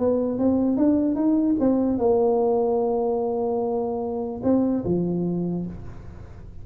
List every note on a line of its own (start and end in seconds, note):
0.00 0.39 B3
0.39 0.78 C4
0.78 1.16 D4
1.16 1.56 D#4
1.60 1.99 C4
1.99 4.42 A#3
4.44 4.85 C4
4.85 5.66 F3